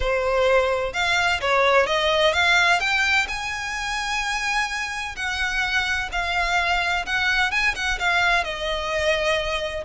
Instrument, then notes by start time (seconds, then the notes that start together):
violin
0.00 C5
0.93 F5
1.40 C#5
1.86 D#5
2.33 F5
2.80 G5
3.28 G#5
5.16 F#5
6.12 F5
7.06 F#5
7.51 G#5
7.75 F#5
7.99 F5
8.44 D#5